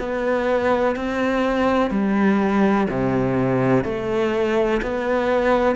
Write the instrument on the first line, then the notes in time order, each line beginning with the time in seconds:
cello
0.00 B3
0.96 C4
1.91 G3
2.90 C3
3.84 A3
4.82 B3